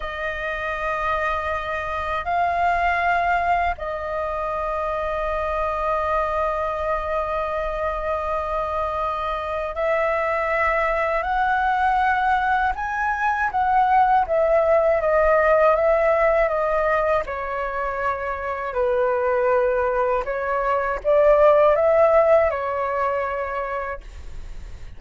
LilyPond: \new Staff \with { instrumentName = "flute" } { \time 4/4 \tempo 4 = 80 dis''2. f''4~ | f''4 dis''2.~ | dis''1~ | dis''4 e''2 fis''4~ |
fis''4 gis''4 fis''4 e''4 | dis''4 e''4 dis''4 cis''4~ | cis''4 b'2 cis''4 | d''4 e''4 cis''2 | }